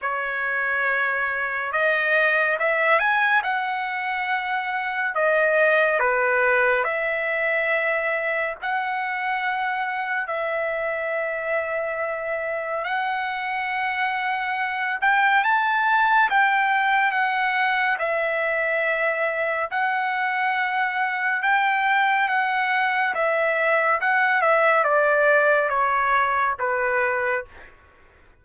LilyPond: \new Staff \with { instrumentName = "trumpet" } { \time 4/4 \tempo 4 = 70 cis''2 dis''4 e''8 gis''8 | fis''2 dis''4 b'4 | e''2 fis''2 | e''2. fis''4~ |
fis''4. g''8 a''4 g''4 | fis''4 e''2 fis''4~ | fis''4 g''4 fis''4 e''4 | fis''8 e''8 d''4 cis''4 b'4 | }